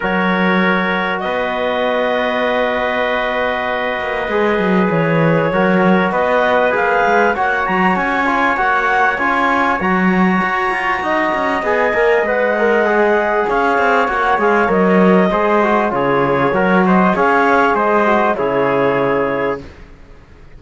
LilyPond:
<<
  \new Staff \with { instrumentName = "clarinet" } { \time 4/4 \tempo 4 = 98 cis''2 dis''2~ | dis''1 | cis''2 dis''4 f''4 | fis''8 ais''8 gis''4 fis''4 gis''4 |
ais''2. gis''4 | fis''2 f''4 fis''8 f''8 | dis''2 cis''4. dis''8 | f''4 dis''4 cis''2 | }
  \new Staff \with { instrumentName = "trumpet" } { \time 4/4 ais'2 b'2~ | b'1~ | b'4 ais'4 b'2 | cis''1~ |
cis''2 dis''2~ | dis''2 cis''2~ | cis''4 c''4 gis'4 ais'8 c''8 | cis''4 c''4 gis'2 | }
  \new Staff \with { instrumentName = "trombone" } { \time 4/4 fis'1~ | fis'2. gis'4~ | gis'4 fis'2 gis'4 | fis'4. f'8 fis'4 f'4 |
fis'2. gis'8 ais'8 | b'8 ais'8 gis'2 fis'8 gis'8 | ais'4 gis'8 fis'8 f'4 fis'4 | gis'4. fis'8 e'2 | }
  \new Staff \with { instrumentName = "cello" } { \time 4/4 fis2 b2~ | b2~ b8 ais8 gis8 fis8 | e4 fis4 b4 ais8 gis8 | ais8 fis8 cis'4 ais4 cis'4 |
fis4 fis'8 f'8 dis'8 cis'8 b8 ais8 | gis2 cis'8 c'8 ais8 gis8 | fis4 gis4 cis4 fis4 | cis'4 gis4 cis2 | }
>>